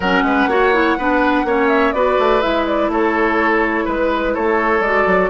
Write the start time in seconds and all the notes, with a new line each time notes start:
0.00 F#3 C#4 A#4 F#5
0.22 G#3 B4
0.46 A#3 F#4 C#5
0.73 E4
0.97 B3 D4 B4
1.44 A#3 C#4 C#5
1.68 E5
1.92 B3 F#4 B4 D5
2.18 A3
2.41 G#3 E4 E5
2.66 D5
2.88 A3 A4 C#5
3.84 G#3 B4
4.33 A3 A4 C#5
4.80 G#3 F#4 D5
5.06 F#3